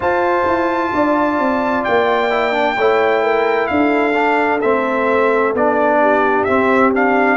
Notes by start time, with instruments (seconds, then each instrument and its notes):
0.00 trombone F4, tuba F4, horn C5, trumpet A5
0.45 tuba E4
0.93 tuba D4, horn D5
1.39 tuba C4
1.83 tuba A#3, trumpet G5
2.30 trombone E4
2.52 trombone D4
2.77 tuba A3, trombone E4, horn C#5
3.23 horn A#4
3.67 tuba D4, horn A4, trumpet F5
4.13 trombone D4
4.61 tuba A3, trombone C4, trumpet E5
5.54 tuba B3, trombone D4, trumpet D5
6.00 horn G4
6.43 trombone C4, tuba C4, trumpet E5
6.93 trombone D4, trumpet F5